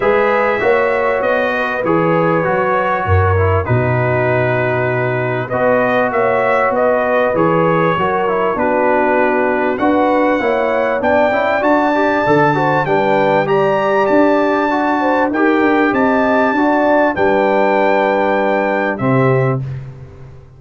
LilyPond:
<<
  \new Staff \with { instrumentName = "trumpet" } { \time 4/4 \tempo 4 = 98 e''2 dis''4 cis''4~ | cis''2 b'2~ | b'4 dis''4 e''4 dis''4 | cis''2 b'2 |
fis''2 g''4 a''4~ | a''4 g''4 ais''4 a''4~ | a''4 g''4 a''2 | g''2. e''4 | }
  \new Staff \with { instrumentName = "horn" } { \time 4/4 b'4 cis''4. b'4.~ | b'4 ais'4 fis'2~ | fis'4 b'4 cis''4 b'4~ | b'4 ais'4 fis'2 |
b'4 cis''4 d''2~ | d''8 c''8 b'4 d''2~ | d''8 c''8 ais'4 dis''4 d''4 | b'2. g'4 | }
  \new Staff \with { instrumentName = "trombone" } { \time 4/4 gis'4 fis'2 gis'4 | fis'4. e'8 dis'2~ | dis'4 fis'2. | gis'4 fis'8 e'8 d'2 |
fis'4 e'4 d'8 e'8 fis'8 g'8 | a'8 fis'8 d'4 g'2 | fis'4 g'2 fis'4 | d'2. c'4 | }
  \new Staff \with { instrumentName = "tuba" } { \time 4/4 gis4 ais4 b4 e4 | fis4 fis,4 b,2~ | b,4 b4 ais4 b4 | e4 fis4 b2 |
d'4 ais4 b8 cis'8 d'4 | d4 g2 d'4~ | d'4 dis'8 d'8 c'4 d'4 | g2. c4 | }
>>